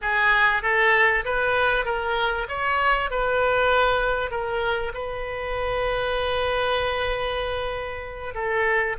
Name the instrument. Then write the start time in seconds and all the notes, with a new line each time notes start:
oboe
0.01 G#4
0.62 A4
1.24 B4
1.85 A#4
2.48 C#5
3.10 B4
4.30 A#4
4.94 B4
8.34 A4